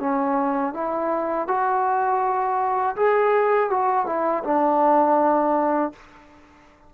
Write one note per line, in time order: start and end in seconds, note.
0.00 0.74 C#4
0.74 1.48 E4
1.48 2.96 F#4
2.97 3.71 G#4
3.71 4.06 F#4
4.06 4.43 E4
4.45 5.93 D4